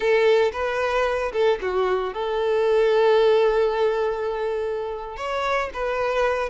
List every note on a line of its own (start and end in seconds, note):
0.00 0.51 A4
0.52 1.32 B4
1.32 1.59 A4
1.61 2.13 F#4
2.13 5.16 A4
5.16 5.70 C#5
5.73 6.49 B4